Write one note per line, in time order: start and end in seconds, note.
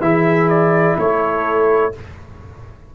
0.00 0.95 E3
0.00 1.91 E4
0.00 0.96 G#4
0.00 0.49 E5
0.49 0.96 D5
0.98 1.93 A3
0.98 1.94 A4
0.98 1.94 C#5